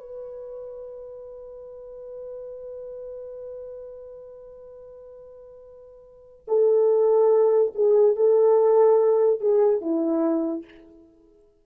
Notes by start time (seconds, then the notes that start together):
0.00 B4
6.48 A4
7.75 G#4
8.16 A4
9.40 G#4
9.81 E4